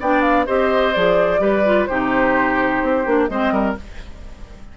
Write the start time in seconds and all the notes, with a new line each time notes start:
0.00 B3 D4 D5 G5
0.21 F5
0.46 C4 G4 C5 D#5
0.94 F3 G#4 D5
1.39 G3 G4 B4
1.65 F4
1.86 C3 D#4 G4 C5
2.82 C4
3.05 A#3 D4
3.27 G#3 C4 C5 D#5
3.52 G3 A#4